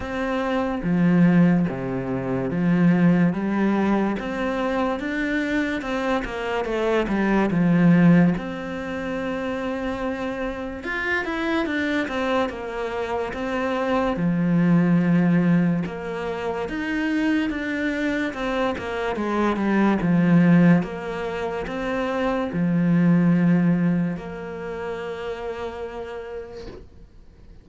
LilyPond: \new Staff \with { instrumentName = "cello" } { \time 4/4 \tempo 4 = 72 c'4 f4 c4 f4 | g4 c'4 d'4 c'8 ais8 | a8 g8 f4 c'2~ | c'4 f'8 e'8 d'8 c'8 ais4 |
c'4 f2 ais4 | dis'4 d'4 c'8 ais8 gis8 g8 | f4 ais4 c'4 f4~ | f4 ais2. | }